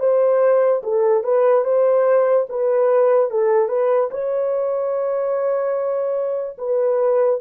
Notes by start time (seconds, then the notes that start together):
0.00 C5
0.83 A4
1.24 B4
1.65 C5
2.50 B4
3.31 A4
3.69 B4
4.11 C#5
6.58 B4